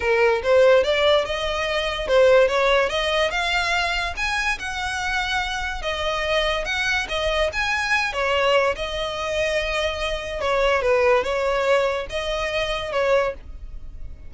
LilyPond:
\new Staff \with { instrumentName = "violin" } { \time 4/4 \tempo 4 = 144 ais'4 c''4 d''4 dis''4~ | dis''4 c''4 cis''4 dis''4 | f''2 gis''4 fis''4~ | fis''2 dis''2 |
fis''4 dis''4 gis''4. cis''8~ | cis''4 dis''2.~ | dis''4 cis''4 b'4 cis''4~ | cis''4 dis''2 cis''4 | }